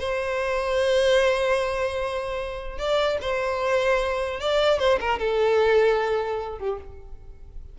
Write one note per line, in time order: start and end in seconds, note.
0.00 2.78 C5
2.78 3.18 D5
3.22 4.40 C5
4.40 4.79 D5
4.79 4.99 C5
5.01 5.19 A#4
5.19 6.59 A4
6.59 6.79 G4